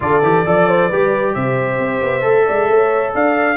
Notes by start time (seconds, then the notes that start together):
0.00 D3 F4 A4 D5
0.22 E3 G4
0.45 F3 A4 D5
0.68 C5
0.88 G3 G4 B4
1.34 C3 C5 E5
1.78 C4
2.01 B3
2.21 A3 A4
2.45 G#3 D5
2.68 A3 C#5
3.14 D4 D5 F5